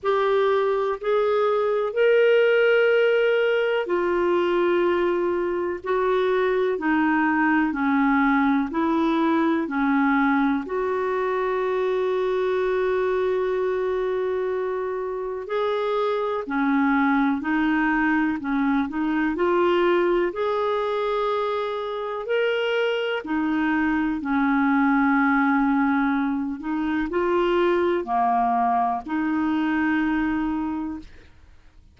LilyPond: \new Staff \with { instrumentName = "clarinet" } { \time 4/4 \tempo 4 = 62 g'4 gis'4 ais'2 | f'2 fis'4 dis'4 | cis'4 e'4 cis'4 fis'4~ | fis'1 |
gis'4 cis'4 dis'4 cis'8 dis'8 | f'4 gis'2 ais'4 | dis'4 cis'2~ cis'8 dis'8 | f'4 ais4 dis'2 | }